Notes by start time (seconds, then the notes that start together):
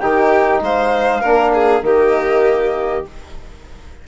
0.00 D#3 D#4 G4 G5
0.61 G#3 C5 F5
1.21 A#3 D4 A#4
1.54 G#4
1.82 D#3 A#3 G4 D#5